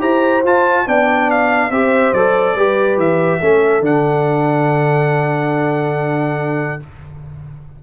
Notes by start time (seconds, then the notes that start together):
0.00 E4 G4 C5 A#5
0.44 F4 A5
0.87 B3 D4 D5 G5
1.31 F5
1.71 C4 G4 C5 E5
2.13 F#3 A4 D5
2.56 G3 G4 B4
2.98 E3 E5
3.41 A3 C#4 A4
3.81 D3 D4 F#5